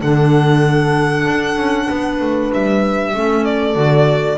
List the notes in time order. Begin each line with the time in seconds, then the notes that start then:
0.00 D3 D4 A4 F#5
1.26 D4
1.56 C#4
1.87 B3 B4
2.20 A3
2.52 G3 E5
3.14 A3 C#4 A4
3.44 D5
3.74 D3 F#4